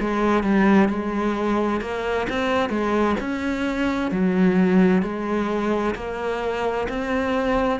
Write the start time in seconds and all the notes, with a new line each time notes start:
0.00 G#3
0.43 G3
0.89 G#3
1.81 A#3
2.30 C4
2.70 G#3
3.20 C#4
4.11 F#3
5.03 G#3
5.95 A#3
6.89 C4